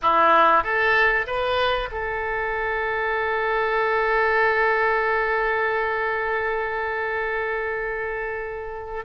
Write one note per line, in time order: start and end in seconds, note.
0.02 0.63 E4
0.63 1.26 A4
1.26 1.89 B4
1.91 9.05 A4